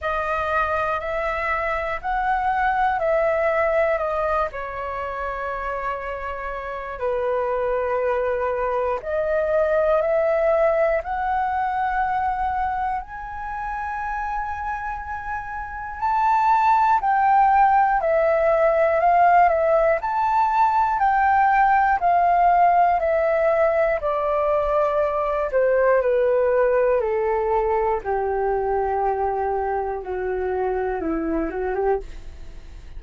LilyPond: \new Staff \with { instrumentName = "flute" } { \time 4/4 \tempo 4 = 60 dis''4 e''4 fis''4 e''4 | dis''8 cis''2~ cis''8 b'4~ | b'4 dis''4 e''4 fis''4~ | fis''4 gis''2. |
a''4 g''4 e''4 f''8 e''8 | a''4 g''4 f''4 e''4 | d''4. c''8 b'4 a'4 | g'2 fis'4 e'8 fis'16 g'16 | }